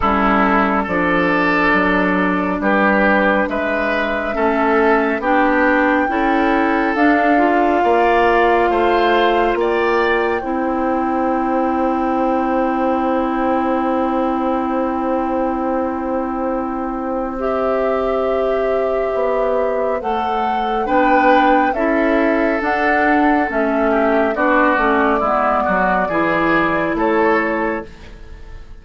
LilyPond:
<<
  \new Staff \with { instrumentName = "flute" } { \time 4/4 \tempo 4 = 69 a'4 d''2 b'4 | e''2 g''2 | f''2. g''4~ | g''1~ |
g''1 | e''2. fis''4 | g''4 e''4 fis''4 e''4 | d''2. cis''4 | }
  \new Staff \with { instrumentName = "oboe" } { \time 4/4 e'4 a'2 g'4 | b'4 a'4 g'4 a'4~ | a'4 d''4 c''4 d''4 | c''1~ |
c''1~ | c''1 | b'4 a'2~ a'8 g'8 | fis'4 e'8 fis'8 gis'4 a'4 | }
  \new Staff \with { instrumentName = "clarinet" } { \time 4/4 cis'4 d'2.~ | d'4 cis'4 d'4 e'4 | d'8 f'2.~ f'8 | e'1~ |
e'1 | g'2. a'4 | d'4 e'4 d'4 cis'4 | d'8 cis'8 b4 e'2 | }
  \new Staff \with { instrumentName = "bassoon" } { \time 4/4 g4 f4 fis4 g4 | gis4 a4 b4 cis'4 | d'4 ais4 a4 ais4 | c'1~ |
c'1~ | c'2 b4 a4 | b4 cis'4 d'4 a4 | b8 a8 gis8 fis8 e4 a4 | }
>>